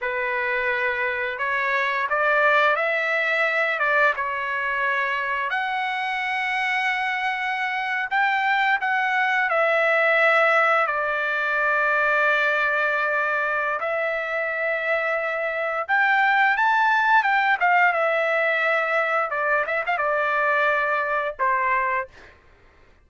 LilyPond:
\new Staff \with { instrumentName = "trumpet" } { \time 4/4 \tempo 4 = 87 b'2 cis''4 d''4 | e''4. d''8 cis''2 | fis''2.~ fis''8. g''16~ | g''8. fis''4 e''2 d''16~ |
d''1 | e''2. g''4 | a''4 g''8 f''8 e''2 | d''8 e''16 f''16 d''2 c''4 | }